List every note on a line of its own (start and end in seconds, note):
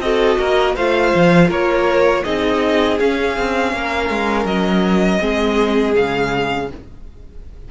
0.00 0.37 C4
0.00 0.77 F#4
0.00 0.39 A4
0.00 0.75 D#5
0.39 0.76 A#3
0.39 0.76 A#4
0.76 1.14 A3
0.76 2.24 F4
0.76 1.49 C5
0.76 1.50 F5
1.15 1.51 F3
1.49 2.25 A#3
1.49 2.23 A#4
1.49 2.24 C#5
2.24 3.00 C4
2.24 2.98 D#4
2.24 3.73 G#4
2.24 2.98 D#5
3.00 5.20 C#4
3.00 3.38 C#4
3.00 4.46 F5
3.38 3.73 C4
3.73 4.10 A#3
3.73 5.21 A#4
4.10 4.45 G#3
4.45 5.19 F#3
4.45 5.94 D#5
5.20 5.96 G#3
5.20 5.94 C4
5.20 6.69 G#4
5.95 6.72 C#3
5.95 6.69 G#3
5.95 6.70 F5